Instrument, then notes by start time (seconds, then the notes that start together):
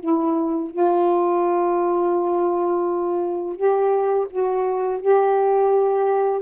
saxophone
0.00 E4
0.71 F4
3.56 G4
4.31 F#4
5.01 G4